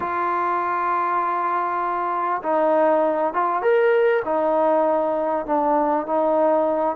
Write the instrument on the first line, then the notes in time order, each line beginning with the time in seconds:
trombone
0.00 F4
2.42 D#4
3.33 F4
3.62 A#4
4.25 D#4
5.46 D4
6.06 D#4